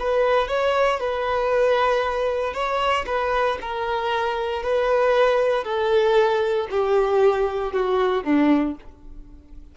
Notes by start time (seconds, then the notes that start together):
0.00 B4
0.48 C#5
1.00 B4
2.54 C#5
3.07 B4
3.62 A#4
4.63 B4
5.64 A4
6.71 G4
7.73 F#4
8.24 D4